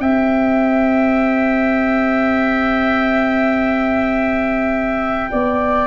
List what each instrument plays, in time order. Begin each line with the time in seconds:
0.00 tuba C4, saxophone G4, flute E5, oboe G5
5.31 tuba B3, flute D5